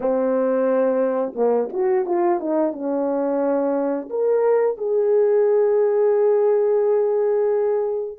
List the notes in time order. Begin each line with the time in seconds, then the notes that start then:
0.00 C4
1.35 A#3
1.72 F#4
2.05 F4
2.40 D#4
2.72 C#4
4.09 A#4
4.77 G#4